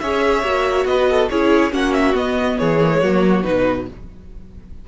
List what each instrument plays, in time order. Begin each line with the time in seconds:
0.00 cello C#4, viola G#4, violin C#5 E5
0.43 cello A#3, viola F#4
0.85 cello B3, violin B4 D#5
1.10 violin A4
1.30 cello C#4, viola E4, violin G#4 C#5
1.71 cello A#3, viola C#4, violin F#4 F#5
1.93 violin E5
2.14 cello B3, viola B3, violin D#5
2.58 cello E3, violin G#4 C#5
2.82 viola A#3
2.92 viola G#3
3.00 cello F#3, viola A#3, violin F#4
3.43 cello B2, viola D#4, violin B4